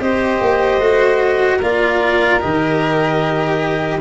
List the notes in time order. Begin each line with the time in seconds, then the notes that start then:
0.00 C4 G4 C5 D#5
0.41 A#3
0.79 A3 F#4
1.58 A#3 F4 A#4 D5
2.40 D#3 G4 D#5